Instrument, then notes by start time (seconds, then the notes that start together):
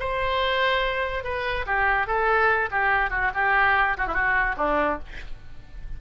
oboe
0.00 C5
1.24 B4
1.66 G4
2.07 A4
2.71 G4
3.10 F#4
3.34 G4
3.97 F#4
4.07 E4
4.14 F#4
4.57 D4